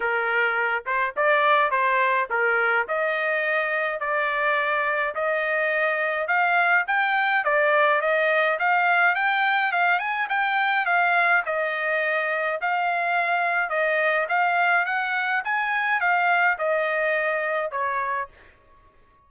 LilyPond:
\new Staff \with { instrumentName = "trumpet" } { \time 4/4 \tempo 4 = 105 ais'4. c''8 d''4 c''4 | ais'4 dis''2 d''4~ | d''4 dis''2 f''4 | g''4 d''4 dis''4 f''4 |
g''4 f''8 gis''8 g''4 f''4 | dis''2 f''2 | dis''4 f''4 fis''4 gis''4 | f''4 dis''2 cis''4 | }